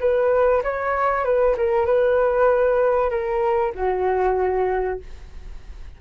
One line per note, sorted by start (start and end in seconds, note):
0.00 0.62 B4
0.63 1.24 C#5
1.24 1.56 B4
1.57 1.86 A#4
1.86 3.10 B4
3.10 3.73 A#4
3.75 5.00 F#4